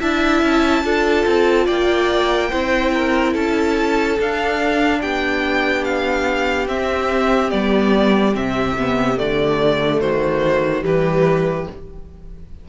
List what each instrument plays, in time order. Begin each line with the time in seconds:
0.00 cello D4, viola E4, violin E5 A5
0.42 cello C#4
0.84 cello D4, viola F4, violin A4
1.26 cello C4
1.65 cello A#3, violin D5 G5
2.50 cello C4, viola E4, violin C5
2.94 violin A#4
3.33 cello C#4, violin A4 A5
4.19 cello D4, viola D4, violin F5
5.01 cello B3, violin G4 G5
5.84 violin F5
6.67 viola C4, cello C4, violin E5
7.50 cello G3, viola B3, violin D5
8.34 cello C3, viola C4, violin E5
8.79 viola B3
9.17 cello D3, viola A3, violin D5
10.00 cello D#3, violin F#4 C5
10.81 cello E3, viola G3, violin G4 B4